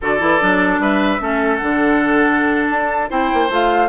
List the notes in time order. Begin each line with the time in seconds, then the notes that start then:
0.01 D3 F#4 A4 D5
0.19 E3 E4
0.40 F#3 D4
0.78 G3 B4 E5
1.19 A3 C#4 A4
1.56 D3 D4 F#5
2.70 D4 A5
3.08 C4 E4 C5 G5
3.33 A#3
3.49 A3 F4 F5